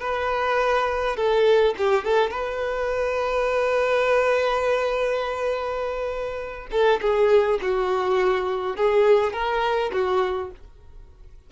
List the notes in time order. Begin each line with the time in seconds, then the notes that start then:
0.00 B4
1.17 A4
1.77 G4
2.04 A4
2.30 B4
6.71 A4
7.01 G#4
7.62 F#4
8.76 G#4
9.33 A#4
9.92 F#4